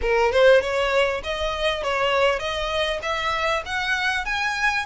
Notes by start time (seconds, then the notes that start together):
0.01 A#4
0.31 C5
0.61 C#5
1.23 D#5
1.83 C#5
2.39 D#5
3.02 E5
3.65 F#5
4.25 G#5